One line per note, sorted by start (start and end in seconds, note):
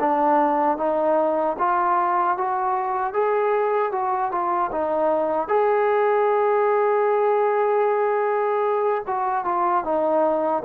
0.00 0.78 D4
0.78 1.56 D#4
1.59 2.37 F4
2.37 3.14 F#4
3.14 3.92 G#4
3.92 4.31 F#4
4.31 4.71 F4
4.72 5.48 D#4
5.48 9.04 G#4
9.07 9.44 F#4
9.44 9.84 F4
9.84 10.63 D#4